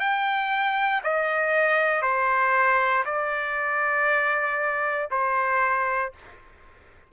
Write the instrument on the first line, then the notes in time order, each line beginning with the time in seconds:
trumpet
0.00 G5
1.04 D#5
2.02 C5
3.06 D5
5.11 C5